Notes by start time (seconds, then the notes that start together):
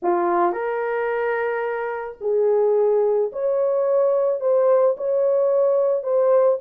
0.02 F4
0.52 A#4
2.20 G#4
3.32 C#5
4.40 C5
4.97 C#5
6.03 C5